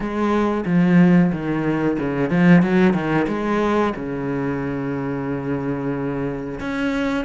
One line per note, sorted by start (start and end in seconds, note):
0.00 0.64 G#3
0.65 1.31 F3
1.32 1.98 D#3
1.98 2.30 C#3
2.30 2.62 F3
2.62 2.93 F#3
2.93 3.26 D#3
3.27 3.93 G#3
3.96 6.59 C#3
6.60 7.24 C#4